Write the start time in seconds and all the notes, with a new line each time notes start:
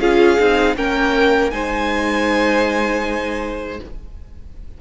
0.00 C#4 F4 G#4 F5
0.39 C4 D#4
0.76 A#3 C#4 A#4 G5
1.50 G#3 D#4 C5 G#5